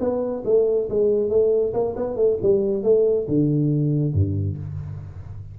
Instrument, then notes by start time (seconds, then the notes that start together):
tuba
0.00 B3
0.45 A3
0.90 G#3
1.30 A3
1.74 A#3
1.96 B3
2.16 A3
2.42 G3
2.83 A3
3.28 D3
4.14 G2